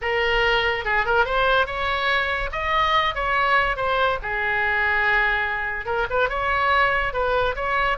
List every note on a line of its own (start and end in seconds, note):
0.01 0.84 A#4
0.84 1.05 G#4
1.05 1.25 A#4
1.25 1.66 C5
1.66 2.50 C#5
2.52 3.14 D#5
3.14 3.76 C#5
3.76 4.18 C5
4.22 5.85 G#4
5.85 6.06 A#4
6.10 6.29 B4
6.29 7.13 C#5
7.13 7.55 B4
7.55 7.97 C#5